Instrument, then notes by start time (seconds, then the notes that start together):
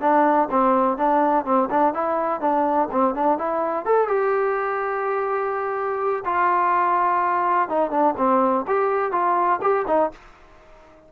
trombone
0.00 D4
0.50 C4
0.97 D4
1.45 C4
1.70 D4
1.94 E4
2.40 D4
2.91 C4
3.14 D4
3.38 E4
3.85 A4
4.07 G4
6.25 F4
7.69 D#4
7.90 D4
8.17 C4
8.67 G4
9.11 F4
9.61 G4
9.87 D#4